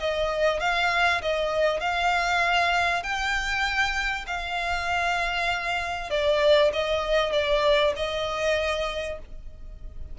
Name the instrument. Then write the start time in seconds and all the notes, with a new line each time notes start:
violin
0.00 D#5
0.61 F5
1.22 D#5
1.81 F5
3.03 G5
4.27 F5
6.11 D5
6.73 D#5
7.32 D5
7.96 D#5